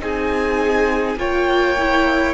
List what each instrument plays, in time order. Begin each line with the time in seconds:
0.00 cello C4, viola D#4, violin G#4 G#5
1.16 cello A#3, viola F4, violin C#5 G5
1.79 viola E4